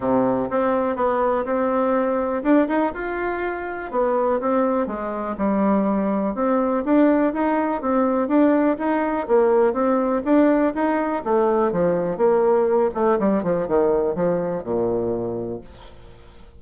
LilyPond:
\new Staff \with { instrumentName = "bassoon" } { \time 4/4 \tempo 4 = 123 c4 c'4 b4 c'4~ | c'4 d'8 dis'8 f'2 | b4 c'4 gis4 g4~ | g4 c'4 d'4 dis'4 |
c'4 d'4 dis'4 ais4 | c'4 d'4 dis'4 a4 | f4 ais4. a8 g8 f8 | dis4 f4 ais,2 | }